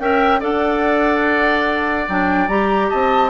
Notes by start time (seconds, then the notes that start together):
0.00 C#4 A#4 E5 G5
0.40 D4 A4 D5 F#5
2.09 F#3 D4 G5
2.48 G3 G4 A#5
2.90 C4 D#5 A5